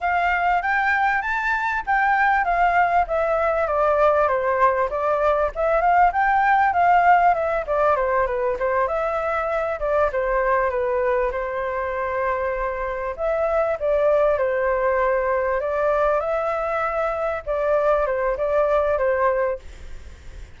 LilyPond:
\new Staff \with { instrumentName = "flute" } { \time 4/4 \tempo 4 = 98 f''4 g''4 a''4 g''4 | f''4 e''4 d''4 c''4 | d''4 e''8 f''8 g''4 f''4 | e''8 d''8 c''8 b'8 c''8 e''4. |
d''8 c''4 b'4 c''4.~ | c''4. e''4 d''4 c''8~ | c''4. d''4 e''4.~ | e''8 d''4 c''8 d''4 c''4 | }